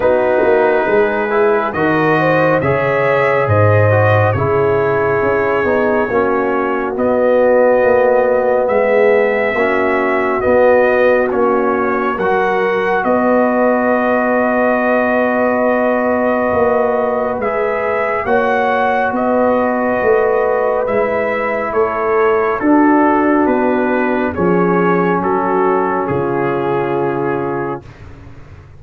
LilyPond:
<<
  \new Staff \with { instrumentName = "trumpet" } { \time 4/4 \tempo 4 = 69 b'2 dis''4 e''4 | dis''4 cis''2. | dis''2 e''2 | dis''4 cis''4 fis''4 dis''4~ |
dis''1 | e''4 fis''4 dis''2 | e''4 cis''4 a'4 b'4 | cis''4 a'4 gis'2 | }
  \new Staff \with { instrumentName = "horn" } { \time 4/4 fis'4 gis'4 ais'8 c''8 cis''4 | c''4 gis'2 fis'4~ | fis'2 gis'4 fis'4~ | fis'2 ais'4 b'4~ |
b'1~ | b'4 cis''4 b'2~ | b'4 a'4 fis'2 | gis'4 fis'4 f'2 | }
  \new Staff \with { instrumentName = "trombone" } { \time 4/4 dis'4. e'8 fis'4 gis'4~ | gis'8 fis'8 e'4. dis'8 cis'4 | b2. cis'4 | b4 cis'4 fis'2~ |
fis'1 | gis'4 fis'2. | e'2 d'2 | cis'1 | }
  \new Staff \with { instrumentName = "tuba" } { \time 4/4 b8 ais8 gis4 dis4 cis4 | gis,4 cis4 cis'8 b8 ais4 | b4 ais4 gis4 ais4 | b4 ais4 fis4 b4~ |
b2. ais4 | gis4 ais4 b4 a4 | gis4 a4 d'4 b4 | f4 fis4 cis2 | }
>>